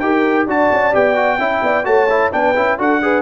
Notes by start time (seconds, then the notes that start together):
0.00 D#4 G4 A#4 G5
0.47 D4 F#4 D5 A5
0.72 C#4
0.93 B3 G4 G5
1.16 F#4
1.39 C#4 E4 E5
1.63 B3 D5
1.85 A3 F#4 C#5 A5
2.10 E4
2.32 B3 D4 B4 G5
2.56 C#4 E4
2.79 D4 F#4 A4 F#5
3.02 G#4 B4